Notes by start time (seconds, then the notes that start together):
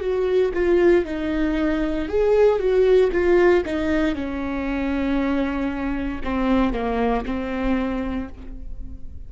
0.00 F#4
0.54 F4
1.05 D#4
2.08 G#4
2.59 F#4
3.12 F4
3.65 D#4
4.15 C#4
6.24 C4
6.72 A#3
7.25 C4